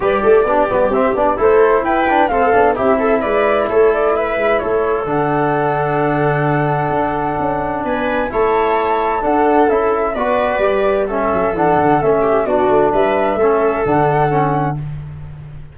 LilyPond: <<
  \new Staff \with { instrumentName = "flute" } { \time 4/4 \tempo 4 = 130 d''2 e''8 d''8 c''4 | g''4 f''4 e''4 d''4 | cis''8 d''8 e''4 cis''4 fis''4~ | fis''1~ |
fis''4 gis''4 a''2 | fis''4 e''4 d''2 | e''4 fis''4 e''4 d''4 | e''2 fis''2 | }
  \new Staff \with { instrumentName = "viola" } { \time 4/4 b'8 a'8 g'2 a'4 | b'4 a'4 g'8 a'8 b'4 | a'4 b'4 a'2~ | a'1~ |
a'4 b'4 cis''2 | a'2 b'2 | a'2~ a'8 g'8 fis'4 | b'4 a'2. | }
  \new Staff \with { instrumentName = "trombone" } { \time 4/4 g'4 d'8 b8 c'8 d'8 e'4~ | e'8 d'8 c'8 d'8 e'2~ | e'2. d'4~ | d'1~ |
d'2 e'2 | d'4 e'4 fis'4 g'4 | cis'4 d'4 cis'4 d'4~ | d'4 cis'4 d'4 cis'4 | }
  \new Staff \with { instrumentName = "tuba" } { \time 4/4 g8 a8 b8 g8 c'8 b8 a4 | e'4 a8 b8 c'4 gis4 | a4. gis8 a4 d4~ | d2. d'4 |
cis'4 b4 a2 | d'4 cis'4 b4 g4~ | g8 fis8 e8 d8 a4 b8 a8 | g4 a4 d2 | }
>>